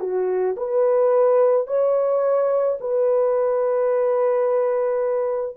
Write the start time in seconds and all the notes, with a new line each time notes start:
0.00 F#4
0.57 B4
1.67 C#5
2.80 B4